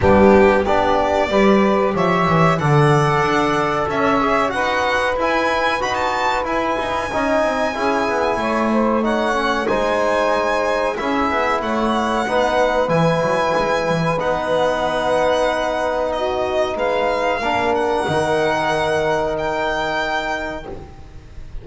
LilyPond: <<
  \new Staff \with { instrumentName = "violin" } { \time 4/4 \tempo 4 = 93 g'4 d''2 e''4 | fis''2 e''4 fis''4 | gis''4 b''16 a''8. gis''2~ | gis''2 fis''4 gis''4~ |
gis''4 e''4 fis''2 | gis''2 fis''2~ | fis''4 dis''4 f''4. fis''8~ | fis''2 g''2 | }
  \new Staff \with { instrumentName = "saxophone" } { \time 4/4 d'4 g'4 b'4 cis''4 | d''2 cis''4 b'4~ | b'2. dis''4 | gis'4 cis''8 c''8 cis''4 c''4~ |
c''4 gis'4 cis''4 b'4~ | b'1~ | b'4 fis'4 b'4 ais'4~ | ais'1 | }
  \new Staff \with { instrumentName = "trombone" } { \time 4/4 b4 d'4 g'2 | a'2~ a'8 gis'8 fis'4 | e'4 fis'4 e'4 dis'4 | e'2 dis'8 cis'8 dis'4~ |
dis'4 e'2 dis'4 | e'2 dis'2~ | dis'2. d'4 | dis'1 | }
  \new Staff \with { instrumentName = "double bass" } { \time 4/4 g4 b4 g4 f8 e8 | d4 d'4 cis'4 dis'4 | e'4 dis'4 e'8 dis'8 cis'8 c'8 | cis'8 b8 a2 gis4~ |
gis4 cis'8 b8 a4 b4 | e8 fis8 gis8 e8 b2~ | b2 gis4 ais4 | dis1 | }
>>